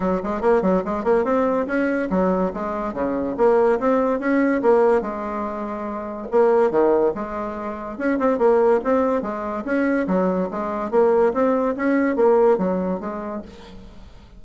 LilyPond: \new Staff \with { instrumentName = "bassoon" } { \time 4/4 \tempo 4 = 143 fis8 gis8 ais8 fis8 gis8 ais8 c'4 | cis'4 fis4 gis4 cis4 | ais4 c'4 cis'4 ais4 | gis2. ais4 |
dis4 gis2 cis'8 c'8 | ais4 c'4 gis4 cis'4 | fis4 gis4 ais4 c'4 | cis'4 ais4 fis4 gis4 | }